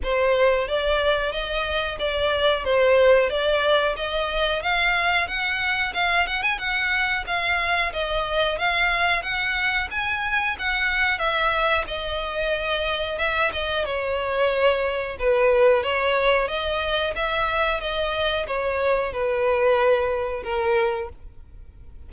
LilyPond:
\new Staff \with { instrumentName = "violin" } { \time 4/4 \tempo 4 = 91 c''4 d''4 dis''4 d''4 | c''4 d''4 dis''4 f''4 | fis''4 f''8 fis''16 gis''16 fis''4 f''4 | dis''4 f''4 fis''4 gis''4 |
fis''4 e''4 dis''2 | e''8 dis''8 cis''2 b'4 | cis''4 dis''4 e''4 dis''4 | cis''4 b'2 ais'4 | }